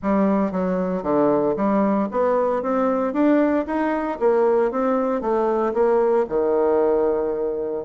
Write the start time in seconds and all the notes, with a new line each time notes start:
0.02 G3
0.51 F#3
1.02 D3
1.56 G3
2.11 B3
2.62 C4
3.13 D4
3.66 D#4
4.19 A#3
4.71 C4
5.21 A3
5.73 A#3
6.29 D#3